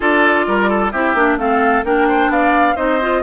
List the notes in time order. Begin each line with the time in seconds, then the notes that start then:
0.00 D4 F4 A4 D5
0.47 G3 A#4
0.69 A4
0.91 C4 E4 G4 E5
1.14 A#3 D4
1.36 A3 C4 A4 F5
1.84 A#3 D4 A#4 G5
2.08 C5
2.28 B3 D5 F5
2.75 C4 D#4 C5 D#5
3.01 F4